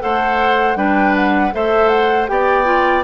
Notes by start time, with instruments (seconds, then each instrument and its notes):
0.00 bassoon A3, clarinet A4, oboe C5, flute F#5
0.76 bassoon G3, clarinet D4, oboe B4, flute G5
1.16 flute F#5
1.53 bassoon A3, clarinet A4, oboe C5, flute E5
1.89 flute F#5
2.28 bassoon B3, clarinet G4, oboe D5, flute G5
2.65 clarinet F4